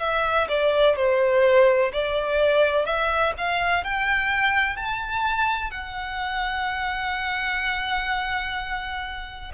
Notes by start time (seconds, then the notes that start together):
0.00 E5
0.48 D5
0.96 C5
1.93 D5
2.86 E5
3.37 F5
3.84 G5
4.77 A5
5.71 F#5